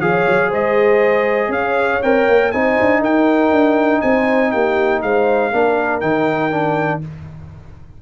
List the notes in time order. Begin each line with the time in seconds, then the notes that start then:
0.00 F3 G#4 C#5 F5
0.27 F#3
0.48 G#3 C5 D#5
1.48 C#4 F5
1.54 C#5
2.02 C4 A#4 G5
2.27 A#3
2.51 C4 D#4 C5 G#5
2.80 D4
3.00 D#4 A#4 G5
3.51 D4
4.01 C4 C5 G#5
4.51 A#3 G4 G5
5.02 G#3 C5 F5
5.52 A#3 D4 A#4
6.00 D#3 D#4 G5
6.51 D4